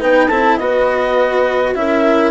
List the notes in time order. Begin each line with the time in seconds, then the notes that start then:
0.00 B3 D#4 B4 G5
0.28 C4 E4 A4 A5
0.57 B3 F#4 B4 D#5
1.75 C#4 E4 A#4 E5